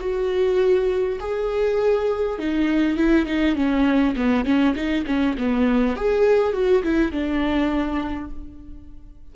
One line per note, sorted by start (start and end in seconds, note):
0.00 1.19 F#4
1.20 2.38 G#4
2.38 2.97 D#4
2.97 3.26 E4
3.26 3.55 D#4
3.55 4.15 C#4
4.16 4.45 B3
4.45 4.74 C#4
4.75 5.05 D#4
5.06 5.36 C#4
5.38 5.96 B3
5.96 6.53 G#4
6.53 6.83 F#4
6.83 7.12 E4
7.12 8.30 D4